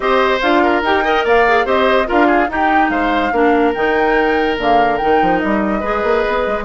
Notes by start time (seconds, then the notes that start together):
0.00 C4 G4 C5 D#5
0.41 D4 F4 F5
0.62 A#4
0.82 D#4 G4 G5
1.04 A#4 D#5
1.24 A#3 D5 F5
1.47 G#4
1.64 C4 G4 C5 D#5
2.06 D4 F4 A#4 F5
2.26 G#4
2.49 D#4 G4 G5
2.89 G#3 C5 F5
3.32 A#3 D4 A#4
3.73 D#3 D#4 G5
4.57 D3 A#3 F5
4.97 D#4 G5
5.03 D#3
5.21 F3
5.39 G3 D#5
5.80 G#3 G#4 B4
6.03 A#3
6.27 B3
6.46 G#3